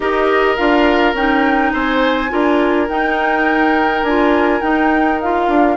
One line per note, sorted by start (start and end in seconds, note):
0.00 0.57 D#4
0.00 0.57 G4
0.00 1.73 A#4
0.00 0.56 D#5
0.56 1.13 D4
0.56 1.15 F4
0.56 1.14 F5
1.13 1.71 C#4
1.13 2.29 D#4
1.13 1.73 G5
1.73 2.30 C4
1.73 2.30 C5
1.73 2.88 G#5
2.29 2.88 D4
2.29 2.87 F4
2.29 5.76 A#4
2.88 4.03 D#4
2.88 4.05 D#4
2.88 4.03 G5
4.03 4.60 D4
4.03 4.61 F4
4.03 4.61 G#5
4.61 5.18 D#4
4.61 5.48 D#4
4.61 5.19 G5
5.20 5.76 F4
5.20 5.76 F5
5.48 5.76 D4